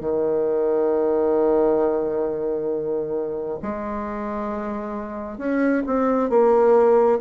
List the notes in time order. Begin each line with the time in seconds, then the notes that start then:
0.00 D#3
3.62 G#3
5.38 C#4
5.86 C4
6.29 A#3